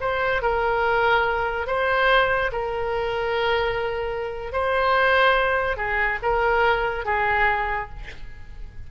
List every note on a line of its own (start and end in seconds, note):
0.00 0.42 C5
0.42 1.66 A#4
1.66 2.51 C5
2.52 4.52 A#4
4.52 5.76 C5
5.76 6.19 G#4
6.22 7.05 A#4
7.05 7.89 G#4